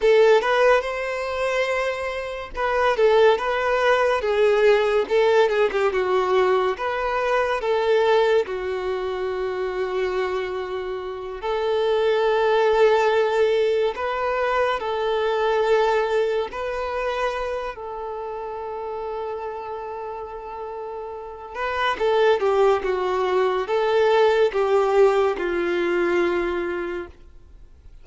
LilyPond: \new Staff \with { instrumentName = "violin" } { \time 4/4 \tempo 4 = 71 a'8 b'8 c''2 b'8 a'8 | b'4 gis'4 a'8 gis'16 g'16 fis'4 | b'4 a'4 fis'2~ | fis'4. a'2~ a'8~ |
a'8 b'4 a'2 b'8~ | b'4 a'2.~ | a'4. b'8 a'8 g'8 fis'4 | a'4 g'4 f'2 | }